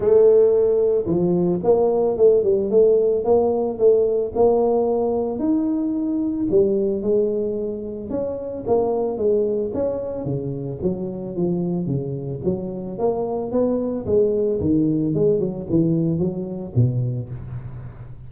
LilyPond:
\new Staff \with { instrumentName = "tuba" } { \time 4/4 \tempo 4 = 111 a2 f4 ais4 | a8 g8 a4 ais4 a4 | ais2 dis'2 | g4 gis2 cis'4 |
ais4 gis4 cis'4 cis4 | fis4 f4 cis4 fis4 | ais4 b4 gis4 dis4 | gis8 fis8 e4 fis4 b,4 | }